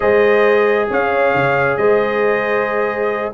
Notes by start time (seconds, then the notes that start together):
0.00 G#3 G#4 C5 D#5
0.90 C#4 C#5 F5
1.34 C#3
1.77 G#3 C5 D#5